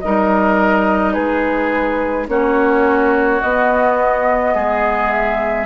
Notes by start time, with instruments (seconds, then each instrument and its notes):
0.00 bassoon G3, clarinet D#4, oboe A#4, flute D#5
1.13 bassoon G#3, oboe G#4, flute B4
2.28 bassoon A#3, clarinet C#4, oboe F#4, flute C#5
3.41 bassoon B3, clarinet B3, flute D#5
4.54 bassoon G#3, oboe G#4
5.11 flute E5